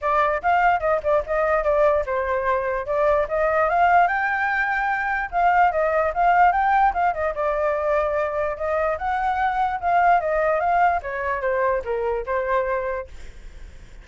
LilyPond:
\new Staff \with { instrumentName = "flute" } { \time 4/4 \tempo 4 = 147 d''4 f''4 dis''8 d''8 dis''4 | d''4 c''2 d''4 | dis''4 f''4 g''2~ | g''4 f''4 dis''4 f''4 |
g''4 f''8 dis''8 d''2~ | d''4 dis''4 fis''2 | f''4 dis''4 f''4 cis''4 | c''4 ais'4 c''2 | }